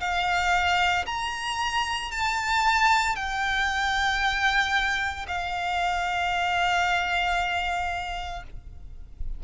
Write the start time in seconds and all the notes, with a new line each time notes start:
0.00 F5
1.06 A#5
2.11 A5
3.15 G5
5.28 F5